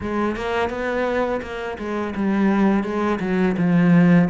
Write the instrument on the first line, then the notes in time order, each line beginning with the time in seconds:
cello
0.00 G#3
0.36 A#3
0.69 B3
1.42 A#3
1.78 G#3
2.15 G3
2.83 G#3
3.20 F#3
3.57 F3